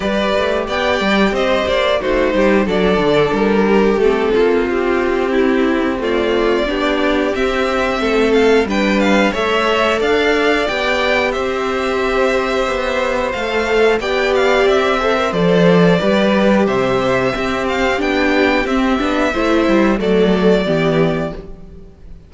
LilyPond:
<<
  \new Staff \with { instrumentName = "violin" } { \time 4/4 \tempo 4 = 90 d''4 g''4 dis''8 d''8 c''4 | d''4 ais'4 a'4 g'4~ | g'4 d''2 e''4~ | e''8 f''8 g''8 f''8 e''4 f''4 |
g''4 e''2. | f''4 g''8 f''8 e''4 d''4~ | d''4 e''4. f''8 g''4 | e''2 d''2 | }
  \new Staff \with { instrumentName = "violin" } { \time 4/4 b'4 d''4 c''4 fis'8 g'8 | a'4. g'4 f'4. | e'4 f'4 g'2 | a'4 b'4 cis''4 d''4~ |
d''4 c''2.~ | c''4 d''4. c''4. | b'4 c''4 g'2~ | g'4 c''4 a'4 g'4 | }
  \new Staff \with { instrumentName = "viola" } { \time 4/4 g'2. dis'4 | d'2 c'2~ | c'4 a4 d'4 c'4~ | c'4 d'4 a'2 |
g'1 | a'4 g'4. a'16 ais'16 a'4 | g'2 c'4 d'4 | c'8 d'8 e'4 a4 b4 | }
  \new Staff \with { instrumentName = "cello" } { \time 4/4 g8 a8 b8 g8 c'8 ais8 a8 g8 | fis8 d8 g4 a8 ais8 c'4~ | c'2 b4 c'4 | a4 g4 a4 d'4 |
b4 c'2 b4 | a4 b4 c'4 f4 | g4 c4 c'4 b4 | c'8 b8 a8 g8 fis4 e4 | }
>>